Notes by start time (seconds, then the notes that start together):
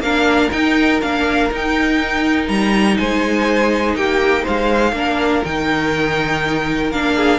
0.00 A#3 D4 A#4 F5
0.52 D#4 G5
1.02 A#3 D4 F5
1.52 D#4 G5
2.48 G3 A#5
2.98 G#3 C5 G#5
3.96 A#3 G4 G5
4.43 G#3 C5 F5
4.93 A#3 D4 A#4
5.45 D#3 D#4 G5
6.91 A#3 D4 F5
7.15 G#4